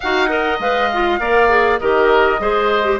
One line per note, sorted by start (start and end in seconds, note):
0.00 0.59 D#4
0.00 0.28 F#4
0.00 0.29 F5
0.00 0.59 F#5
0.28 0.58 A#4
0.28 1.20 D#5
0.59 1.19 G#3
0.59 0.91 B4
0.59 1.78 F5
0.93 1.20 F4
1.19 1.79 A#3
1.19 1.49 A#4
1.19 1.80 D5
1.49 1.79 G#4
1.78 2.39 D#3
1.78 2.39 G4
1.78 2.40 A#4
1.78 2.98 D#5
2.39 2.99 G#3
2.39 2.83 G#4
2.39 2.99 C5
2.83 2.98 G4